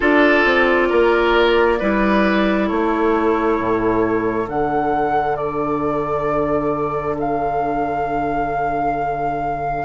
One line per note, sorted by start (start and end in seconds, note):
0.00 0.45 D4
0.00 1.79 F4
0.00 0.87 A4
0.00 2.68 D5
0.45 0.89 C4
0.89 1.81 A#3
0.89 1.78 A#4
1.79 2.70 G3
1.79 4.46 E4
1.79 2.67 B4
2.67 3.58 A3
2.67 9.84 A4
2.67 4.47 C#5
3.58 4.47 A2
4.46 9.84 D3
4.46 9.84 D4
4.46 5.36 F#5
5.36 7.15 D5
7.19 9.85 F5